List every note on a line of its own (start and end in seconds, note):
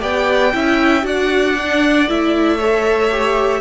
0.00 0.54 B3
0.00 0.52 G4
0.00 0.53 D5
0.00 1.06 G5
0.53 1.04 C#4
0.53 1.03 E4
0.53 1.07 E5
1.03 2.08 D4
1.03 1.55 F#4
1.03 2.58 D5
1.03 2.10 F#5
1.59 2.09 D4
2.09 3.61 A3
2.09 2.59 E4
2.09 3.61 E5
2.58 3.11 A4
2.58 3.61 C#5
3.12 3.61 G4